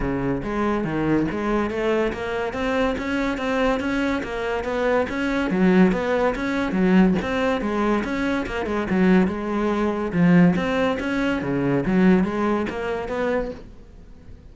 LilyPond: \new Staff \with { instrumentName = "cello" } { \time 4/4 \tempo 4 = 142 cis4 gis4 dis4 gis4 | a4 ais4 c'4 cis'4 | c'4 cis'4 ais4 b4 | cis'4 fis4 b4 cis'4 |
fis4 c'4 gis4 cis'4 | ais8 gis8 fis4 gis2 | f4 c'4 cis'4 cis4 | fis4 gis4 ais4 b4 | }